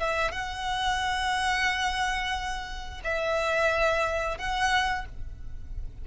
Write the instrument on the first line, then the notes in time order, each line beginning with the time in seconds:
violin
0.00 E5
0.32 F#5
3.04 E5
4.39 F#5